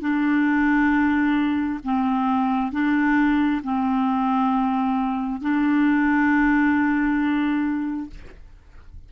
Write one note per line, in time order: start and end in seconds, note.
0.00 1.79 D4
1.84 2.72 C4
2.72 3.61 D4
3.63 5.41 C4
5.41 8.10 D4